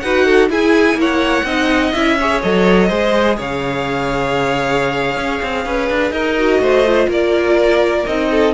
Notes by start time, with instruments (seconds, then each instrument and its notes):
0.00 cello D#4, viola F#4, violin B4 F#5
0.24 violin A4
0.49 viola E4, cello E4, violin G#4 G#5
0.94 cello A#3, violin C#5
1.01 violin F#5
1.43 cello C4, viola D#4, violin D#5
1.93 cello C#4, viola E4, violin E5
2.19 viola G#4, violin C#5
2.42 cello F#3, viola A4, violin D#5
2.88 cello G#3, viola G#4, violin C5
3.36 cello C#3, violin C#5 F5
5.17 cello C#4
5.42 cello C4
5.66 cello C#4, violin B4
5.89 cello D4
6.11 cello D#4, violin A#4 D#5
6.38 viola F#4
6.59 cello A3, violin C5
6.85 viola F4
7.08 cello A#3, violin A#4 D5
8.06 cello C4, viola D#4, violin D#5
8.31 violin A4